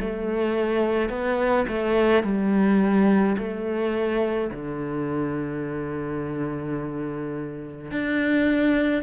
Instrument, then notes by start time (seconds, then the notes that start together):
cello
0.00 A3
1.09 B3
1.68 A3
2.23 G3
3.38 A3
4.51 D3
7.91 D4